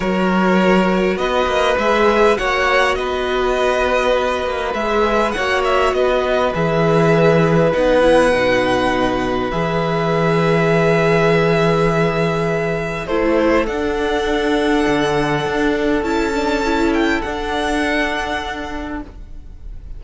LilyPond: <<
  \new Staff \with { instrumentName = "violin" } { \time 4/4 \tempo 4 = 101 cis''2 dis''4 e''4 | fis''4 dis''2. | e''4 fis''8 e''8 dis''4 e''4~ | e''4 fis''2. |
e''1~ | e''2 c''4 fis''4~ | fis''2. a''4~ | a''8 g''8 fis''2. | }
  \new Staff \with { instrumentName = "violin" } { \time 4/4 ais'2 b'2 | cis''4 b'2.~ | b'4 cis''4 b'2~ | b'1~ |
b'1~ | b'2 a'2~ | a'1~ | a'1 | }
  \new Staff \with { instrumentName = "viola" } { \time 4/4 fis'2. gis'4 | fis'1 | gis'4 fis'2 gis'4~ | gis'4 dis'8 e'8 dis'2 |
gis'1~ | gis'2 e'4 d'4~ | d'2. e'8 d'8 | e'4 d'2. | }
  \new Staff \with { instrumentName = "cello" } { \time 4/4 fis2 b8 ais8 gis4 | ais4 b2~ b8 ais8 | gis4 ais4 b4 e4~ | e4 b4 b,2 |
e1~ | e2 a4 d'4~ | d'4 d4 d'4 cis'4~ | cis'4 d'2. | }
>>